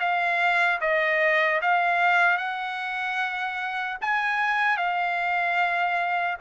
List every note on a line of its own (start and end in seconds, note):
0.00 0.80 F5
0.81 1.61 D#5
1.62 2.38 F5
2.38 3.98 F#5
4.01 4.77 G#5
4.77 6.37 F5